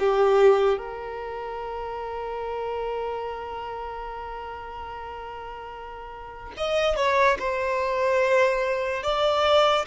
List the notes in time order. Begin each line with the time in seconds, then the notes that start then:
0.00 G4
0.78 A#4
6.58 D#5
6.97 C#5
7.40 C5
9.03 D5